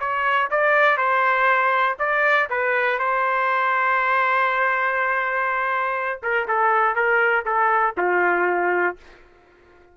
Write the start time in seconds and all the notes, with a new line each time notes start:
0.00 C#5
0.51 D5
0.98 C5
1.99 D5
2.50 B4
2.99 C5
6.23 A#4
6.48 A4
6.95 A#4
7.46 A4
7.97 F4